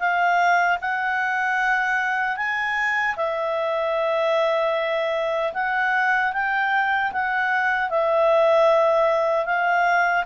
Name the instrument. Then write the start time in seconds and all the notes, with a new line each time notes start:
clarinet
0.00 F5
0.81 F#5
2.37 G#5
3.17 E5
5.54 F#5
6.33 G5
7.13 F#5
7.90 E5
9.46 F5